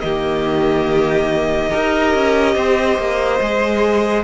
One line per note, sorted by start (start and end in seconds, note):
0.00 1.72 D#3
0.00 1.68 A#3
0.00 1.70 G4
0.00 4.23 D#5
1.68 2.14 D#4
1.68 3.37 G4
1.68 2.54 A#4
2.14 2.56 C#4
2.55 2.97 C4
2.55 4.24 C5
2.97 3.40 A#3
3.40 4.24 G#3
3.40 4.24 G#4